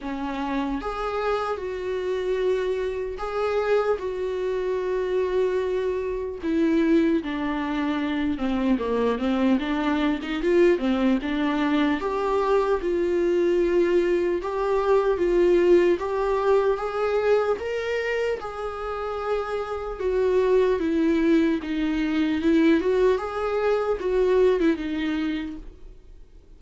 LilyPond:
\new Staff \with { instrumentName = "viola" } { \time 4/4 \tempo 4 = 75 cis'4 gis'4 fis'2 | gis'4 fis'2. | e'4 d'4. c'8 ais8 c'8 | d'8. dis'16 f'8 c'8 d'4 g'4 |
f'2 g'4 f'4 | g'4 gis'4 ais'4 gis'4~ | gis'4 fis'4 e'4 dis'4 | e'8 fis'8 gis'4 fis'8. e'16 dis'4 | }